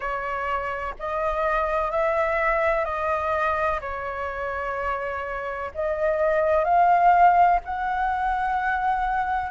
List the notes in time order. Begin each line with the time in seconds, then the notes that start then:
0.00 C#5
0.99 D#5
1.90 E5
2.84 D#5
3.81 C#5
5.74 D#5
6.64 F5
7.65 F#5